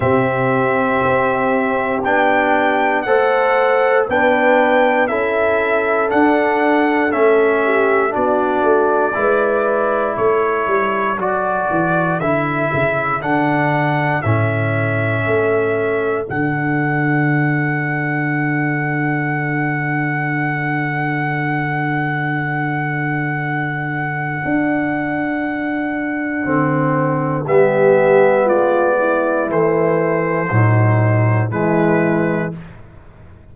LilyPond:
<<
  \new Staff \with { instrumentName = "trumpet" } { \time 4/4 \tempo 4 = 59 e''2 g''4 fis''4 | g''4 e''4 fis''4 e''4 | d''2 cis''4 d''4 | e''4 fis''4 e''2 |
fis''1~ | fis''1~ | fis''2. e''4 | d''4 c''2 b'4 | }
  \new Staff \with { instrumentName = "horn" } { \time 4/4 g'2. c''4 | b'4 a'2~ a'8 g'8 | fis'4 b'4 a'2~ | a'1~ |
a'1~ | a'1~ | a'2. g'4 | f'8 e'4. dis'4 e'4 | }
  \new Staff \with { instrumentName = "trombone" } { \time 4/4 c'2 d'4 a'4 | d'4 e'4 d'4 cis'4 | d'4 e'2 fis'4 | e'4 d'4 cis'2 |
d'1~ | d'1~ | d'2 c'4 b4~ | b4 e4 fis4 gis4 | }
  \new Staff \with { instrumentName = "tuba" } { \time 4/4 c4 c'4 b4 a4 | b4 cis'4 d'4 a4 | b8 a8 gis4 a8 g8 fis8 e8 | d8 cis8 d4 a,4 a4 |
d1~ | d1 | d'2 d4 g4 | gis4 a4 a,4 e4 | }
>>